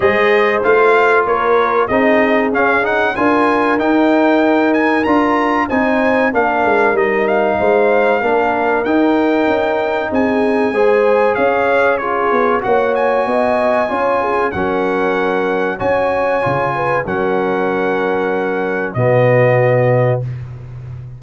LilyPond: <<
  \new Staff \with { instrumentName = "trumpet" } { \time 4/4 \tempo 4 = 95 dis''4 f''4 cis''4 dis''4 | f''8 fis''8 gis''4 g''4. gis''8 | ais''4 gis''4 f''4 dis''8 f''8~ | f''2 g''2 |
gis''2 f''4 cis''4 | fis''8 gis''2~ gis''8 fis''4~ | fis''4 gis''2 fis''4~ | fis''2 dis''2 | }
  \new Staff \with { instrumentName = "horn" } { \time 4/4 c''2 ais'4 gis'4~ | gis'4 ais'2.~ | ais'4 c''4 ais'2 | c''4 ais'2. |
gis'4 c''4 cis''4 gis'4 | cis''4 dis''4 cis''8 gis'8 ais'4~ | ais'4 cis''4. b'8 ais'4~ | ais'2 fis'2 | }
  \new Staff \with { instrumentName = "trombone" } { \time 4/4 gis'4 f'2 dis'4 | cis'8 dis'8 f'4 dis'2 | f'4 dis'4 d'4 dis'4~ | dis'4 d'4 dis'2~ |
dis'4 gis'2 f'4 | fis'2 f'4 cis'4~ | cis'4 fis'4 f'4 cis'4~ | cis'2 b2 | }
  \new Staff \with { instrumentName = "tuba" } { \time 4/4 gis4 a4 ais4 c'4 | cis'4 d'4 dis'2 | d'4 c'4 ais8 gis8 g4 | gis4 ais4 dis'4 cis'4 |
c'4 gis4 cis'4. b8 | ais4 b4 cis'4 fis4~ | fis4 cis'4 cis4 fis4~ | fis2 b,2 | }
>>